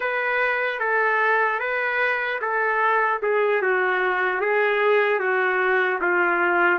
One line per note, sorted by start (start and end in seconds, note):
0.00 0.79 B4
0.79 1.59 A4
1.59 2.39 B4
2.41 3.21 A4
3.22 3.62 G#4
3.62 4.40 F#4
4.40 5.19 G#4
5.19 5.99 F#4
6.01 6.79 F4